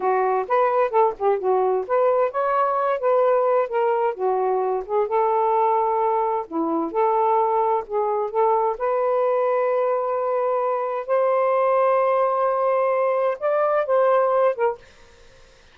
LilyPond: \new Staff \with { instrumentName = "saxophone" } { \time 4/4 \tempo 4 = 130 fis'4 b'4 a'8 g'8 fis'4 | b'4 cis''4. b'4. | ais'4 fis'4. gis'8 a'4~ | a'2 e'4 a'4~ |
a'4 gis'4 a'4 b'4~ | b'1 | c''1~ | c''4 d''4 c''4. ais'8 | }